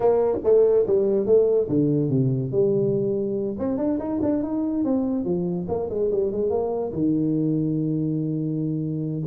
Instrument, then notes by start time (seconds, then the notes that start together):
tuba
0.00 A#3
0.44 A3
0.86 G3
1.25 A3
1.68 D3
2.09 C3
2.51 G3
3.58 C4
3.77 D4
3.99 D#4
4.22 D4
4.42 D#4
4.84 C4
5.24 F3
5.68 A#3
5.89 G#3
6.11 G3
6.31 G#3
6.50 A#3
6.92 D#3